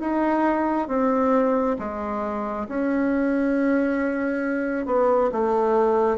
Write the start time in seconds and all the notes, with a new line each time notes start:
0.00 D#4
0.88 C4
1.78 G#3
2.68 C#4
4.86 B3
5.32 A3